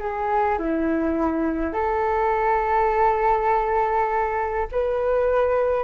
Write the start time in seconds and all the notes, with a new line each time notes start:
0.00 G#4
0.59 E4
1.74 A4
4.72 B4